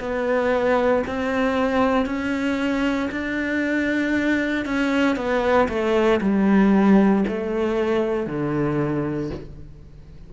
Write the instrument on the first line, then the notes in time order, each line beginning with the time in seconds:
cello
0.00 B3
1.07 C4
2.06 C#4
3.12 D4
4.66 C#4
5.16 B3
5.69 A3
6.21 G3
7.28 A3
8.27 D3